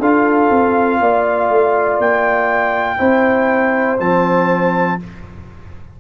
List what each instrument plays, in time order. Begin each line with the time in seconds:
0.00 tuba D4, trombone F4, horn A4, trumpet F5
0.50 tuba C4
1.00 tuba A#3, horn D5
1.50 tuba A3
1.99 tuba A#3, trumpet G5
2.98 tuba C4, trombone E4, horn C5
4.00 tuba F3, trombone C4, trumpet A5